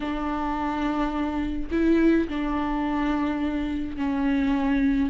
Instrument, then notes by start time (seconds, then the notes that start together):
viola
0.00 D4
1.71 E4
2.28 D4
3.96 C#4